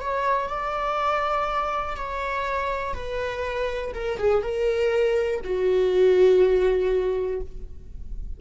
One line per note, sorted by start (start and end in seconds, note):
0.00 0.48 C#5
0.48 1.96 D5
1.96 2.94 C#5
2.94 3.92 B4
3.93 4.18 A#4
4.18 4.42 G#4
4.42 5.41 A#4
5.44 7.40 F#4